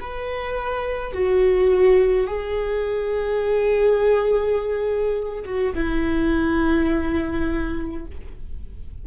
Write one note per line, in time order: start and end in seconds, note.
0.00 1.13 B4
1.13 2.27 F#4
2.27 5.44 G#4
5.45 5.74 F#4
5.75 8.06 E4